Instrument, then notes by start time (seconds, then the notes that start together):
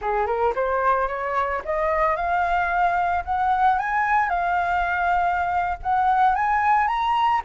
flute
0.01 G#4
0.26 A#4
0.55 C5
1.07 C#5
1.64 D#5
2.15 F5
3.24 F#5
3.78 G#5
4.29 F5
5.82 F#5
6.35 G#5
6.87 A#5